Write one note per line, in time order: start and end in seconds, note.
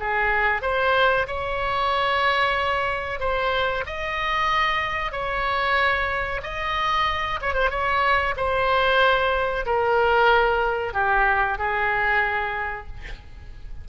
0.00 0.62 G#4
0.62 1.27 C5
1.28 3.20 C#5
3.20 3.85 C5
3.87 5.12 D#5
5.12 6.41 C#5
6.43 7.40 D#5
7.42 7.54 C#5
7.54 7.70 C5
7.70 8.35 C#5
8.37 9.66 C5
9.66 10.94 A#4
10.94 11.58 G4
11.58 12.87 G#4